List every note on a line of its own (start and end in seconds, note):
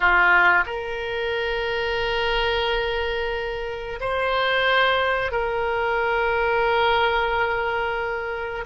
0.00 0.64 F4
0.66 3.99 A#4
4.00 5.31 C5
5.31 8.65 A#4